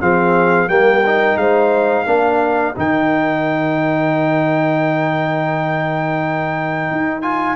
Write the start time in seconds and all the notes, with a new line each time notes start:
0.00 F3 C4 G#4 F5
0.68 G3 A#3 A#4 G5
1.06 D#4
1.36 G#3 C5 F5
2.05 A#3 D4 A#4
2.76 D#3 D#4 G5
6.91 D#4
7.21 F4 G#5